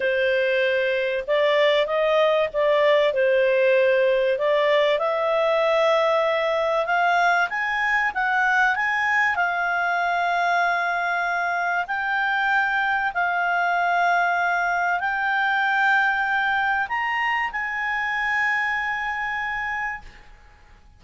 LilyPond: \new Staff \with { instrumentName = "clarinet" } { \time 4/4 \tempo 4 = 96 c''2 d''4 dis''4 | d''4 c''2 d''4 | e''2. f''4 | gis''4 fis''4 gis''4 f''4~ |
f''2. g''4~ | g''4 f''2. | g''2. ais''4 | gis''1 | }